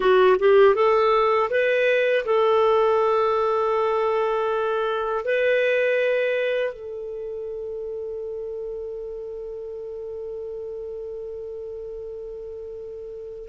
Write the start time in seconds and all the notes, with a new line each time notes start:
0.00 F#4
0.39 G4
0.74 A4
1.50 B4
2.25 A4
5.24 B4
6.73 A4